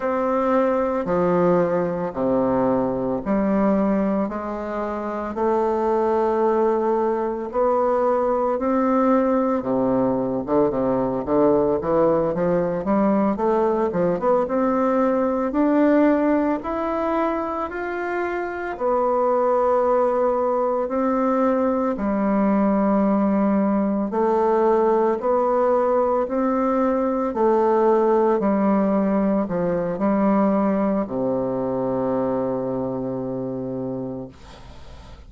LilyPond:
\new Staff \with { instrumentName = "bassoon" } { \time 4/4 \tempo 4 = 56 c'4 f4 c4 g4 | gis4 a2 b4 | c'4 c8. d16 c8 d8 e8 f8 | g8 a8 f16 b16 c'4 d'4 e'8~ |
e'8 f'4 b2 c'8~ | c'8 g2 a4 b8~ | b8 c'4 a4 g4 f8 | g4 c2. | }